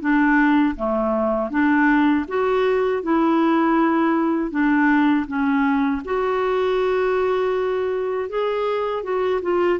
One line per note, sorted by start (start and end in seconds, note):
0.00 0.75 D4
0.76 1.50 A3
1.50 2.25 D4
2.27 3.02 F#4
3.02 4.51 E4
4.51 5.26 D4
5.27 6.02 C#4
6.04 8.29 F#4
8.29 9.03 G#4
9.03 9.40 F#4
9.42 9.79 F4